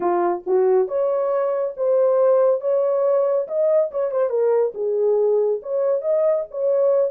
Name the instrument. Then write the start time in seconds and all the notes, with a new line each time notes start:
horn
0.00 F4
0.46 F#4
0.88 C#5
1.76 C5
2.60 C#5
3.47 D#5
3.91 C#5
4.11 C5
4.29 A#4
4.74 G#4
5.62 C#5
6.01 D#5
6.50 C#5